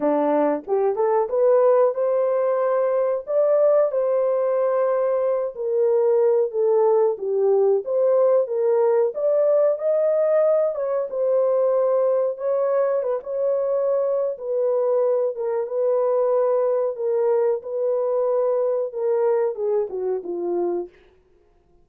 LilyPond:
\new Staff \with { instrumentName = "horn" } { \time 4/4 \tempo 4 = 92 d'4 g'8 a'8 b'4 c''4~ | c''4 d''4 c''2~ | c''8 ais'4. a'4 g'4 | c''4 ais'4 d''4 dis''4~ |
dis''8 cis''8 c''2 cis''4 | b'16 cis''4.~ cis''16 b'4. ais'8 | b'2 ais'4 b'4~ | b'4 ais'4 gis'8 fis'8 f'4 | }